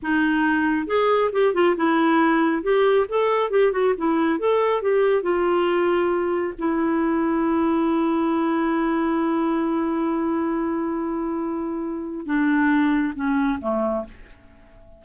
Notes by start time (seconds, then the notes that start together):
0.02 D#4
0.87 G#4
1.32 G4
1.53 F4
1.76 E4
2.62 G4
3.09 A4
3.50 G4
3.72 F#4
3.97 E4
4.39 A4
4.82 G4
5.22 F4
6.58 E4
12.26 D4
13.15 C#4
13.61 A3